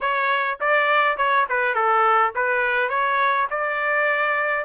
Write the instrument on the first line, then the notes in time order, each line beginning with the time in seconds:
trumpet
0.00 C#5
0.60 D5
1.17 C#5
1.49 B4
1.74 A4
2.35 B4
2.89 C#5
3.50 D5